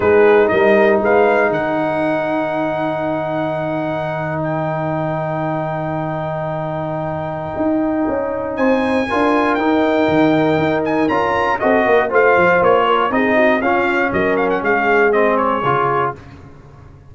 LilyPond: <<
  \new Staff \with { instrumentName = "trumpet" } { \time 4/4 \tempo 4 = 119 b'4 dis''4 f''4 fis''4~ | fis''1~ | fis''8. g''2.~ g''16~ | g''1~ |
g''4 gis''2 g''4~ | g''4. gis''8 ais''4 dis''4 | f''4 cis''4 dis''4 f''4 | dis''8 f''16 fis''16 f''4 dis''8 cis''4. | }
  \new Staff \with { instrumentName = "horn" } { \time 4/4 gis'4 ais'4 b'4 ais'4~ | ais'1~ | ais'1~ | ais'1~ |
ais'4 c''4 ais'2~ | ais'2. a'8 ais'8 | c''4. ais'8 gis'8 fis'8 f'4 | ais'4 gis'2. | }
  \new Staff \with { instrumentName = "trombone" } { \time 4/4 dis'1~ | dis'1~ | dis'1~ | dis'1~ |
dis'2 f'4 dis'4~ | dis'2 f'4 fis'4 | f'2 dis'4 cis'4~ | cis'2 c'4 f'4 | }
  \new Staff \with { instrumentName = "tuba" } { \time 4/4 gis4 g4 gis4 dis4~ | dis1~ | dis1~ | dis2. dis'4 |
cis'4 c'4 d'4 dis'4 | dis4 dis'4 cis'4 c'8 ais8 | a8 f8 ais4 c'4 cis'4 | fis4 gis2 cis4 | }
>>